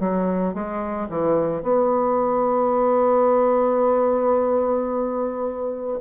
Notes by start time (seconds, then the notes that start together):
0.00 F#3
0.54 G#3
1.10 E3
1.63 B3